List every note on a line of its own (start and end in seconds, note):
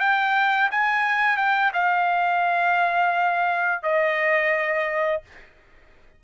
0.00 0.70 G5
0.71 1.37 G#5
1.37 1.72 G5
1.73 3.82 F5
3.83 5.22 D#5